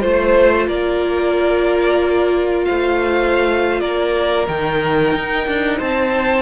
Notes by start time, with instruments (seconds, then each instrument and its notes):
0.00 cello A3, viola F4, violin C5
0.68 cello A#3, violin A#4 D5
2.64 cello A3, violin C5 F5
3.80 cello A#3, violin A#4 D5
4.48 cello D#3, viola D#4, violin G5
5.14 cello D#4
5.47 cello D4
5.78 cello C4, violin C5 A5